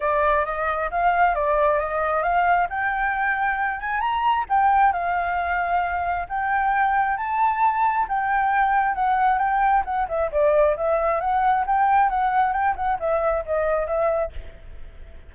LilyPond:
\new Staff \with { instrumentName = "flute" } { \time 4/4 \tempo 4 = 134 d''4 dis''4 f''4 d''4 | dis''4 f''4 g''2~ | g''8 gis''8 ais''4 g''4 f''4~ | f''2 g''2 |
a''2 g''2 | fis''4 g''4 fis''8 e''8 d''4 | e''4 fis''4 g''4 fis''4 | g''8 fis''8 e''4 dis''4 e''4 | }